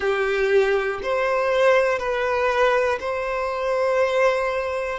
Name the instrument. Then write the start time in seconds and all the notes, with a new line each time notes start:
violin
0.00 G4
1.02 C5
1.98 B4
3.00 C5